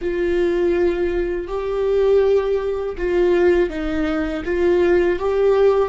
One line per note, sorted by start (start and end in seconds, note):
0.01 1.47 F4
1.47 2.96 G4
2.97 3.69 F4
3.69 4.43 D#4
4.44 5.19 F4
5.19 5.89 G4